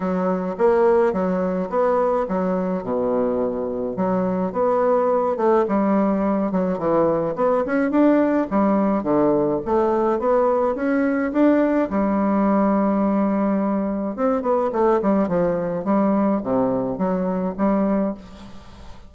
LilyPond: \new Staff \with { instrumentName = "bassoon" } { \time 4/4 \tempo 4 = 106 fis4 ais4 fis4 b4 | fis4 b,2 fis4 | b4. a8 g4. fis8 | e4 b8 cis'8 d'4 g4 |
d4 a4 b4 cis'4 | d'4 g2.~ | g4 c'8 b8 a8 g8 f4 | g4 c4 fis4 g4 | }